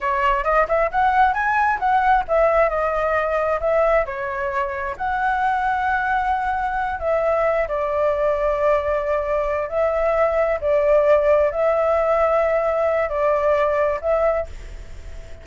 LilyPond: \new Staff \with { instrumentName = "flute" } { \time 4/4 \tempo 4 = 133 cis''4 dis''8 e''8 fis''4 gis''4 | fis''4 e''4 dis''2 | e''4 cis''2 fis''4~ | fis''2.~ fis''8 e''8~ |
e''4 d''2.~ | d''4. e''2 d''8~ | d''4. e''2~ e''8~ | e''4 d''2 e''4 | }